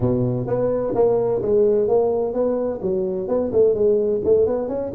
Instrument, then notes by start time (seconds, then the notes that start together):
tuba
0.00 B2
0.46 B3
0.94 A#3
1.41 G#3
1.87 A#3
2.33 B3
2.82 F#3
3.27 B3
3.52 A3
3.74 G#3
4.24 A3
4.46 B3
4.68 C#4